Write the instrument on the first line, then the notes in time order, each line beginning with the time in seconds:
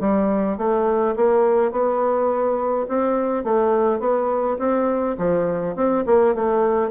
bassoon
0.00 G3
0.58 A3
1.16 A#3
1.72 B3
2.88 C4
3.44 A3
4.00 B3
4.59 C4
5.18 F3
5.76 C4
6.06 A#3
6.35 A3